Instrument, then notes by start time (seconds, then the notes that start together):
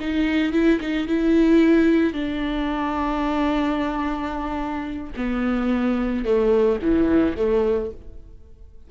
viola
0.00 D#4
0.52 E4
0.80 D#4
1.07 E4
2.13 D4
5.16 B3
6.25 A3
6.82 E3
7.36 A3